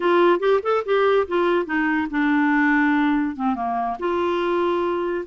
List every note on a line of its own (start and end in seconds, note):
0.00 0.39 F4
0.39 0.60 G4
0.63 0.84 A4
0.85 1.27 G4
1.27 1.65 F4
1.65 2.07 D#4
2.10 3.36 D4
3.36 3.55 C4
3.55 3.97 A#3
3.99 5.25 F4